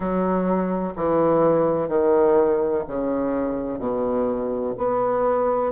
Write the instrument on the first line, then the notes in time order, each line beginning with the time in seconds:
bassoon
0.00 F#3
0.95 E3
1.88 D#3
2.87 C#3
3.78 B2
4.77 B3